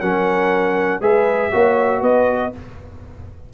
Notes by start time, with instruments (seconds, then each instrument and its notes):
0.00 tuba F#3, trombone C#4, horn A#4, trumpet F#5
1.01 tuba G#3, trombone G#4, horn B4, trumpet E5
1.52 tuba A#3, trombone F#4, horn C#5
2.01 tuba B3, horn B4, trumpet D#5